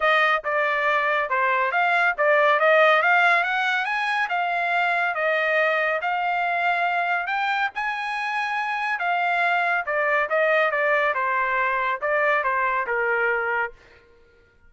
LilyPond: \new Staff \with { instrumentName = "trumpet" } { \time 4/4 \tempo 4 = 140 dis''4 d''2 c''4 | f''4 d''4 dis''4 f''4 | fis''4 gis''4 f''2 | dis''2 f''2~ |
f''4 g''4 gis''2~ | gis''4 f''2 d''4 | dis''4 d''4 c''2 | d''4 c''4 ais'2 | }